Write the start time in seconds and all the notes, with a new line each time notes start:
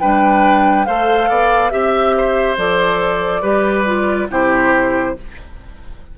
0.00 G3 D4 B4 G5
0.86 A3 A4 C5 F5
1.29 B3 D5
1.71 C4 G4 E5
2.18 C5
2.57 F3 A4 D5
3.42 G3 G4 B4
3.86 F4
4.30 C3 E4 G4 C5